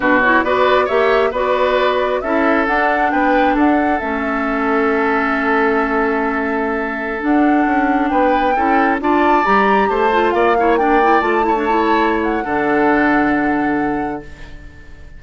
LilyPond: <<
  \new Staff \with { instrumentName = "flute" } { \time 4/4 \tempo 4 = 135 b'8 cis''8 d''4 e''4 d''4~ | d''4 e''4 fis''4 g''4 | fis''4 e''2.~ | e''1~ |
e''16 fis''2 g''4.~ g''16~ | g''16 a''4 ais''4 a''4 f''8.~ | f''16 g''4 a''2~ a''16 fis''8~ | fis''1 | }
  \new Staff \with { instrumentName = "oboe" } { \time 4/4 fis'4 b'4 cis''4 b'4~ | b'4 a'2 b'4 | a'1~ | a'1~ |
a'2~ a'16 b'4 a'8.~ | a'16 d''2 c''4 d''8 cis''16~ | cis''16 d''4. cis''2~ cis''16 | a'1 | }
  \new Staff \with { instrumentName = "clarinet" } { \time 4/4 d'8 e'8 fis'4 g'4 fis'4~ | fis'4 e'4 d'2~ | d'4 cis'2.~ | cis'1~ |
cis'16 d'2. e'8.~ | e'16 f'4 g'4. f'4 e'16~ | e'16 d'8 e'8 f'8 e'16 d'16 e'4.~ e'16 | d'1 | }
  \new Staff \with { instrumentName = "bassoon" } { \time 4/4 b,4 b4 ais4 b4~ | b4 cis'4 d'4 b4 | d'4 a2.~ | a1~ |
a16 d'4 cis'4 b4 cis'8.~ | cis'16 d'4 g4 a4 ais8.~ | ais4~ ais16 a2~ a8. | d1 | }
>>